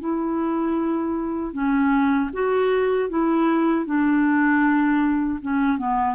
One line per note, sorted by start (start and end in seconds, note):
0.00 1.53 E4
1.53 2.30 C#4
2.33 3.10 F#4
3.10 3.86 E4
3.86 5.40 D4
5.42 5.78 C#4
5.78 6.15 B3